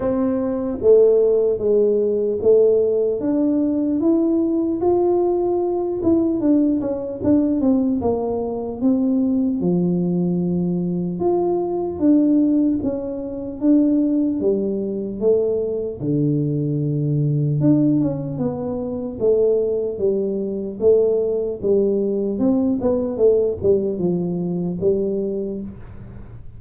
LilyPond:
\new Staff \with { instrumentName = "tuba" } { \time 4/4 \tempo 4 = 75 c'4 a4 gis4 a4 | d'4 e'4 f'4. e'8 | d'8 cis'8 d'8 c'8 ais4 c'4 | f2 f'4 d'4 |
cis'4 d'4 g4 a4 | d2 d'8 cis'8 b4 | a4 g4 a4 g4 | c'8 b8 a8 g8 f4 g4 | }